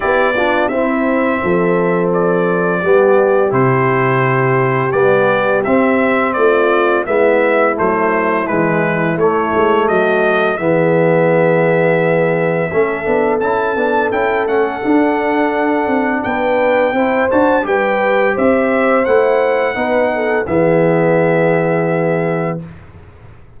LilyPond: <<
  \new Staff \with { instrumentName = "trumpet" } { \time 4/4 \tempo 4 = 85 d''4 e''2 d''4~ | d''4 c''2 d''4 | e''4 d''4 e''4 c''4 | b'4 cis''4 dis''4 e''4~ |
e''2. a''4 | g''8 fis''2~ fis''8 g''4~ | g''8 a''8 g''4 e''4 fis''4~ | fis''4 e''2. | }
  \new Staff \with { instrumentName = "horn" } { \time 4/4 g'8 f'8 e'4 a'2 | g'1~ | g'4 f'4 e'2~ | e'2 fis'4 gis'4~ |
gis'2 a'2~ | a'2. b'4 | c''4 b'4 c''2 | b'8 a'8 gis'2. | }
  \new Staff \with { instrumentName = "trombone" } { \time 4/4 e'8 d'8 c'2. | b4 e'2 b4 | c'2 b4 a4 | gis4 a2 b4~ |
b2 cis'8 d'8 e'8 d'8 | e'8 cis'8 d'2. | e'8 fis'8 g'2 e'4 | dis'4 b2. | }
  \new Staff \with { instrumentName = "tuba" } { \time 4/4 b4 c'4 f2 | g4 c2 g4 | c'4 a4 gis4 fis4 | e4 a8 gis8 fis4 e4~ |
e2 a8 b8 cis'8 b8 | cis'8 a8 d'4. c'8 b4 | c'8 d'8 g4 c'4 a4 | b4 e2. | }
>>